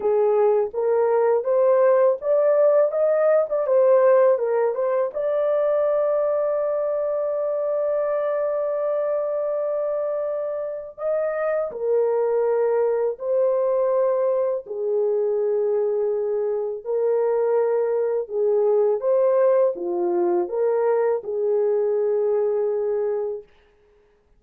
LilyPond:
\new Staff \with { instrumentName = "horn" } { \time 4/4 \tempo 4 = 82 gis'4 ais'4 c''4 d''4 | dis''8. d''16 c''4 ais'8 c''8 d''4~ | d''1~ | d''2. dis''4 |
ais'2 c''2 | gis'2. ais'4~ | ais'4 gis'4 c''4 f'4 | ais'4 gis'2. | }